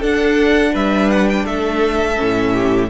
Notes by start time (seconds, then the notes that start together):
0.00 D4 A4 F#5
0.73 G3 B4 E5
1.11 F#5
1.29 G5
1.45 A3 A4 E5
2.16 A2 C#4
2.54 G4